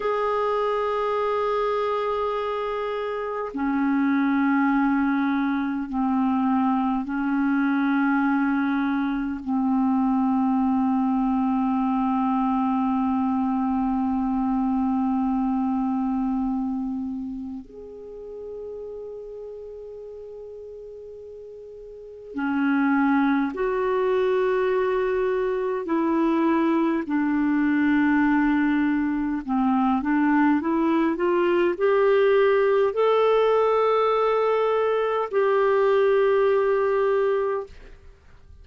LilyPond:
\new Staff \with { instrumentName = "clarinet" } { \time 4/4 \tempo 4 = 51 gis'2. cis'4~ | cis'4 c'4 cis'2 | c'1~ | c'2. gis'4~ |
gis'2. cis'4 | fis'2 e'4 d'4~ | d'4 c'8 d'8 e'8 f'8 g'4 | a'2 g'2 | }